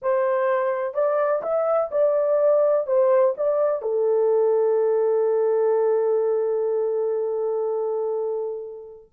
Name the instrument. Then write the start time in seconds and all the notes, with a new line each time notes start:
horn
0.02 C5
0.94 D5
1.42 E5
1.91 D5
2.86 C5
3.37 D5
3.82 A4